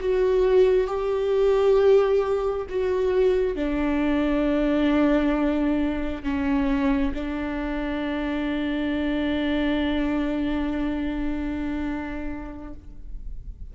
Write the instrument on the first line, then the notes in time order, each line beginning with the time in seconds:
viola
0.00 F#4
0.87 G4
2.69 F#4
3.56 D4
6.23 C#4
7.14 D4